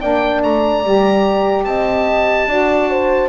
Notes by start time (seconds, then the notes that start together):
0.00 A#3 D4 D5 G5
0.43 A3 A#5
0.84 G3 G4
1.64 C4 D#5 A5
2.46 D4 F#4 D5
2.90 C5